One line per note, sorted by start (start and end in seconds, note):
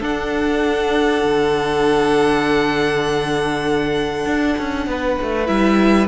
0.00 5.45 D4
0.00 1.23 D4
0.00 4.86 A4
0.00 5.47 F#5
1.24 4.26 D3
4.26 4.56 D4
4.58 4.86 C#4
4.86 5.17 B3
4.86 6.08 B4
5.22 5.48 A3
5.46 6.08 G3
5.46 6.06 E4
5.46 6.07 E5